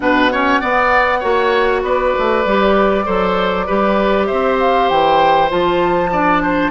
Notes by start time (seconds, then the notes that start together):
0.00 B2 D4 B4 F#5
0.32 C#4 C#5
0.60 B3 D5
1.19 A#3 F#4 C#5
1.82 B3 B4 D5
2.18 A3
2.45 G3 G4
3.05 F#3 A4 C5
3.66 G3 G4 B4
4.25 C4 C5 E5
4.59 F5
4.88 E3 G5
5.49 F3 F4 A5
6.11 D4 D5
6.42 C5